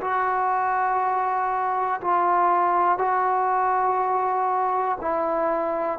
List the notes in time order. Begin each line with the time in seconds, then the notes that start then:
0.00 F#4
2.00 F4
2.98 F#4
5.00 E4